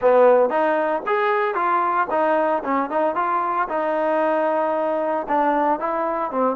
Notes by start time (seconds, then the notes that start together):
0.01 B3
0.49 D#4
1.06 G#4
1.54 F4
2.10 D#4
2.64 C#4
2.90 D#4
3.15 F4
3.68 D#4
5.28 D4
5.79 E4
6.31 C4